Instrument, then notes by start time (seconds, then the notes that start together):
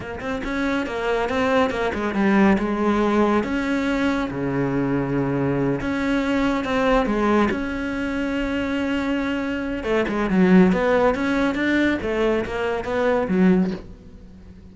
cello
0.00 A#3
0.20 C4
0.43 C#4
0.86 A#3
1.29 C4
1.70 A#3
1.93 G#3
2.14 G3
2.58 G#3
3.43 C#4
4.30 C#3
5.80 C#4
6.64 C4
7.06 G#3
7.50 C#4
9.83 A3
10.08 G#3
10.30 F#3
10.72 B3
11.14 C#4
11.55 D4
12.02 A3
12.45 A#3
12.84 B3
13.28 F#3